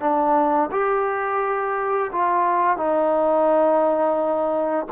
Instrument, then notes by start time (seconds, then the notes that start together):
trombone
0.00 D4
0.72 G4
2.12 F4
2.77 D#4